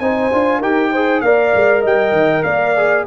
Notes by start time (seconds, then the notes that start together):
0.00 C4 D#4 C5 G#5
0.33 D4 F4
0.59 D#4 G4 A#4 G5
0.92 G#4 C5
1.21 A#3 A#4 D5 F5
1.55 G#3
1.82 G3 D#5 G5
2.12 D#3
2.43 A#3 D5 F5
2.77 G#4